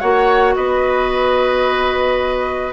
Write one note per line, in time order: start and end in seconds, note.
0.00 0.56 A#3
0.00 2.73 F#4
0.00 0.55 C#5
0.00 0.55 F#5
0.55 2.73 B3
0.55 2.73 B4
0.55 2.73 D#5